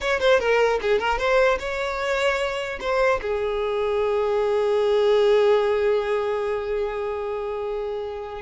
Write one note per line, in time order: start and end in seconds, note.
0.00 0.20 C#5
0.20 0.39 C5
0.39 0.79 A#4
0.81 0.99 G#4
0.99 1.18 A#4
1.18 1.58 C5
1.59 2.79 C#5
2.80 3.20 C5
3.21 8.41 G#4